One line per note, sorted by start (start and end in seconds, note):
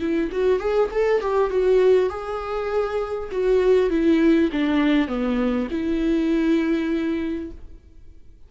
0.00 0.30 E4
0.32 0.60 F#4
0.60 0.90 G#4
0.91 1.21 A4
1.21 1.51 G4
1.51 2.10 F#4
2.10 3.30 G#4
3.32 3.90 F#4
3.90 4.50 E4
4.52 5.08 D4
5.08 5.68 B3
5.71 7.51 E4